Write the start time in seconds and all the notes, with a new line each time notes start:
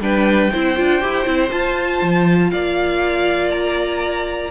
0.00 G3 D4 B4 G5
0.51 C4 E4 C5
0.76 D4 F4
1.01 E4 G4
1.25 C4 E4
1.50 F4 A5
2.02 F3
2.51 A#3 D5 F5
3.51 A#5